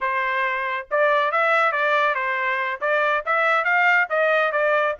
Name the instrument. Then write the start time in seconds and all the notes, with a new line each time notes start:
trumpet
0.00 C5
0.91 D5
1.31 E5
1.72 D5
2.15 C5
2.80 D5
3.25 E5
3.64 F5
4.09 D#5
4.52 D5